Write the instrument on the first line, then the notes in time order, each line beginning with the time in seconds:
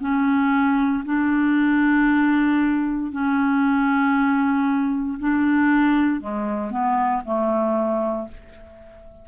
clarinet
0.00 C#4
1.05 D4
3.12 C#4
5.19 D4
6.20 G#3
6.70 B3
7.25 A3